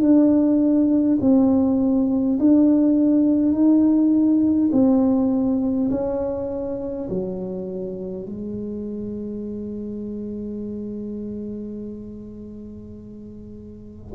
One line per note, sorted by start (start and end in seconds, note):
0.00 1.18 D4
1.21 2.39 C4
2.39 3.52 D4
3.52 4.70 D#4
4.72 5.89 C4
5.90 7.08 C#4
7.09 8.26 F#3
8.26 14.14 G#3